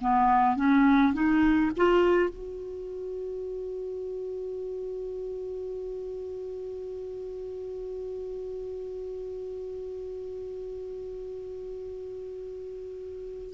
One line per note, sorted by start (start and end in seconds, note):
0.00 0.56 B3
0.56 1.13 C#4
1.13 1.70 D#4
1.76 2.29 F4
2.29 13.53 F#4